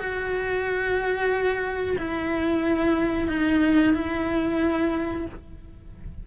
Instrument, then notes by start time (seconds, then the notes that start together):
cello
0.00 F#4
1.99 E4
3.29 D#4
3.94 E4